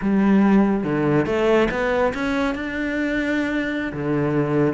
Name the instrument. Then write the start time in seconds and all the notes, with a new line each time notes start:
cello
0.01 G3
0.83 D3
1.26 A3
1.70 B3
2.13 C#4
2.55 D4
3.93 D3